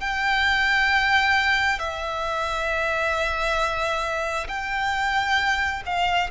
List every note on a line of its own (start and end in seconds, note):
0.00 1.79 G5
1.79 4.47 E5
4.48 5.82 G5
5.86 6.31 F5